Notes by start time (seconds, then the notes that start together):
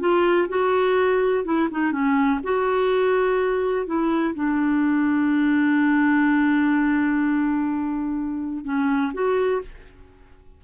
0.00 F4
0.49 F#4
1.45 E4
1.71 D#4
1.92 C#4
2.43 F#4
3.86 E4
4.35 D4
8.64 C#4
9.13 F#4